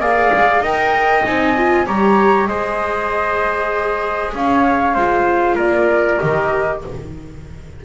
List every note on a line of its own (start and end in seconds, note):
0.00 0.31 A#3
0.00 0.63 G#4
0.00 0.62 D5
0.00 0.64 F5
0.33 0.61 G#3
0.61 1.22 D#4
0.61 1.25 A#4
0.61 1.86 D#5
0.61 1.25 G5
1.25 1.87 C4
1.25 1.56 D#4
1.25 1.87 G#5
1.58 1.87 F4
1.87 2.48 G3
1.87 2.49 G4
1.87 2.48 C#5
1.87 2.47 A#5
2.47 4.33 G#3
2.47 4.96 G#4
2.47 4.35 C5
2.47 4.32 D#5
4.34 4.95 C#4
4.34 4.95 C#5
4.34 5.59 F5
4.95 5.56 G#3
4.95 6.20 F4
4.95 5.56 C5
5.56 6.18 A#3
5.56 6.79 A#4
5.56 6.20 D5
6.20 6.85 D#3
6.20 6.82 G4
6.20 6.82 D#5